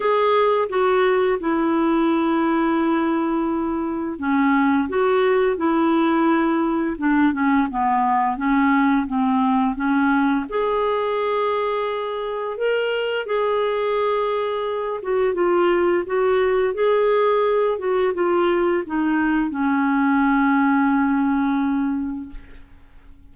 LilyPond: \new Staff \with { instrumentName = "clarinet" } { \time 4/4 \tempo 4 = 86 gis'4 fis'4 e'2~ | e'2 cis'4 fis'4 | e'2 d'8 cis'8 b4 | cis'4 c'4 cis'4 gis'4~ |
gis'2 ais'4 gis'4~ | gis'4. fis'8 f'4 fis'4 | gis'4. fis'8 f'4 dis'4 | cis'1 | }